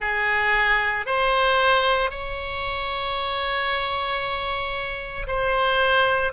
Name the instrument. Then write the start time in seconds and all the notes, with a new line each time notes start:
oboe
0.00 G#4
1.06 C5
2.10 C#5
5.27 C5